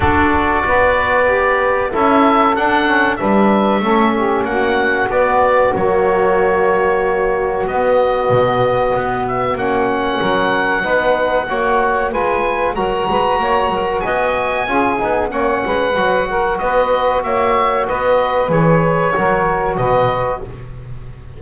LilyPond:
<<
  \new Staff \with { instrumentName = "oboe" } { \time 4/4 \tempo 4 = 94 d''2. e''4 | fis''4 e''2 fis''4 | d''4 cis''2. | dis''2~ dis''8 e''8 fis''4~ |
fis''2. gis''4 | ais''2 gis''2 | fis''2 dis''4 e''4 | dis''4 cis''2 dis''4 | }
  \new Staff \with { instrumentName = "saxophone" } { \time 4/4 a'4 b'2 a'4~ | a'4 b'4 a'8 g'8 fis'4~ | fis'1~ | fis'1 |
ais'4 b'4 cis''4 b'4 | ais'8 b'8 cis''8 ais'8 dis''4 gis'4 | cis''8 b'4 ais'8 b'4 cis''4 | b'2 ais'4 b'4 | }
  \new Staff \with { instrumentName = "trombone" } { \time 4/4 fis'2 g'4 e'4 | d'8 cis'8 d'4 cis'2 | b4 ais2. | b2. cis'4~ |
cis'4 dis'4 fis'4 f'4 | fis'2. f'8 dis'8 | cis'4 fis'2.~ | fis'4 gis'4 fis'2 | }
  \new Staff \with { instrumentName = "double bass" } { \time 4/4 d'4 b2 cis'4 | d'4 g4 a4 ais4 | b4 fis2. | b4 b,4 b4 ais4 |
fis4 b4 ais4 gis4 | fis8 gis8 ais8 fis8 b4 cis'8 b8 | ais8 gis8 fis4 b4 ais4 | b4 e4 fis4 b,4 | }
>>